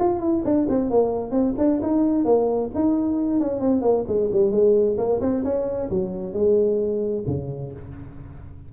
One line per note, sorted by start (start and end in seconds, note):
0.00 0.20 F4
0.20 0.43 E4
0.45 0.68 D4
0.69 0.91 C4
0.91 1.32 A#3
1.32 1.55 C4
1.58 1.81 D4
1.82 2.25 D#4
2.25 2.71 A#3
2.75 3.41 D#4
3.41 3.61 C#4
3.61 3.82 C4
3.82 4.05 A#3
4.08 4.31 G#3
4.32 4.52 G3
4.52 4.97 G#3
4.98 5.21 A#3
5.21 5.44 C4
5.45 5.90 C#4
5.91 6.34 F#3
6.34 7.25 G#3
7.27 7.73 C#3